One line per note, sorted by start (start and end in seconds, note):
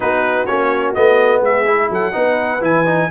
0.00 0.48 B3
0.00 0.46 D#4
0.00 1.43 F#4
0.00 0.46 B4
0.46 0.95 A#3
0.46 0.95 C#4
0.46 0.93 C#5
0.94 1.40 A3
0.94 1.66 B3
0.94 1.41 D#5
1.40 1.88 G#3
1.40 1.90 G#4
1.40 1.92 E5
1.66 2.12 E4
1.90 2.13 F#3
1.90 2.14 A4
1.90 2.64 F#5
2.12 2.61 B3
2.12 2.60 D#4
2.12 3.10 B4
2.61 3.08 E3
2.61 2.84 E4
2.61 3.10 G#5
2.86 3.09 D#4